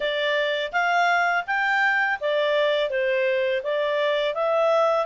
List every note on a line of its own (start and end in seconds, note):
0.00 0.72 D5
0.72 1.44 F5
1.46 2.19 G5
2.20 2.89 D5
2.89 3.62 C5
3.63 4.34 D5
4.34 5.06 E5